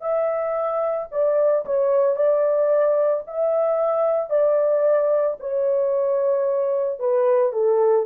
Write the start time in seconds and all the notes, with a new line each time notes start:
0.00 E5
1.11 D5
1.65 C#5
2.16 D5
3.26 E5
4.30 D5
5.40 C#5
6.99 B4
7.52 A4